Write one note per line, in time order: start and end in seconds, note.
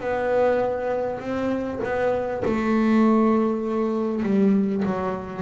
0.00 1.20 B3
1.20 1.80 C4
1.83 2.43 B3
2.45 4.23 A3
4.23 4.83 G3
4.85 5.42 F#3